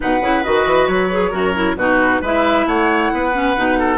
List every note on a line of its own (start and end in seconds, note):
0.00 0.21 B2
0.00 0.21 D#4
0.00 1.31 B4
0.00 0.43 F#5
0.21 0.43 C#3
0.21 0.44 E4
0.43 0.65 D#3
0.43 1.10 F#4
0.43 0.87 D#5
0.65 0.87 E3
0.87 1.32 F#3
0.87 1.76 C#5
1.10 1.31 G#4
1.31 1.76 F#2
1.31 1.53 F#4
1.31 1.75 A#4
1.54 1.76 E4
1.76 2.20 B2
1.76 2.23 D#4
1.76 2.21 F#4
1.76 2.21 B4
2.21 2.66 G#3
2.21 3.33 E4
2.21 2.65 B4
2.21 2.67 E5
2.66 3.10 A3
2.66 3.12 C#5
2.66 3.97 F#5
3.12 3.56 B3
3.12 3.78 B4
3.33 3.55 C#4
3.56 3.97 B2
3.56 3.97 D#4
3.78 3.97 A4